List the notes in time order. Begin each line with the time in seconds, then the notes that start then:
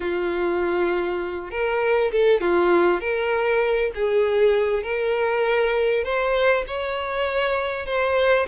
0.00 F4
1.50 A#4
2.11 A4
2.40 F4
3.00 A#4
3.94 G#4
4.83 A#4
6.04 C5
6.67 C#5
7.86 C5